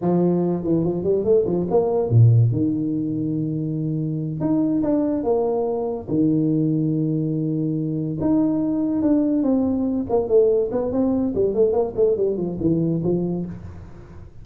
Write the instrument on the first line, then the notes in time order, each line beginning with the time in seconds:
tuba
0.01 F3
0.63 E3
0.84 F3
1.03 G3
1.24 A3
1.45 F3
1.70 A#3
2.09 A#2
2.51 D#3
4.40 D#4
4.82 D4
5.23 A#3
6.08 D#3
8.20 D#4
9.02 D4
9.43 C4
10.09 A#3
10.28 A3
10.71 B3
10.92 C4
11.35 G3
11.54 A3
11.73 A#3
11.95 A3
12.16 G3
12.37 F3
12.60 E3
13.03 F3